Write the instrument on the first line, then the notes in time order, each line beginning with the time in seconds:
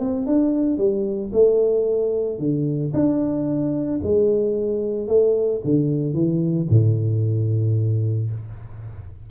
tuba
0.00 C4
0.27 D4
0.78 G3
1.33 A3
2.39 D3
2.94 D4
4.03 G#3
5.08 A3
5.65 D3
6.14 E3
6.70 A2